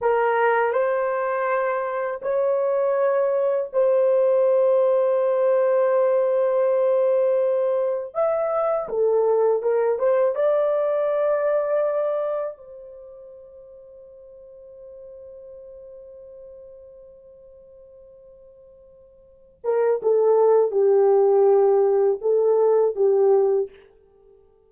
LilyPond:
\new Staff \with { instrumentName = "horn" } { \time 4/4 \tempo 4 = 81 ais'4 c''2 cis''4~ | cis''4 c''2.~ | c''2. e''4 | a'4 ais'8 c''8 d''2~ |
d''4 c''2.~ | c''1~ | c''2~ c''8 ais'8 a'4 | g'2 a'4 g'4 | }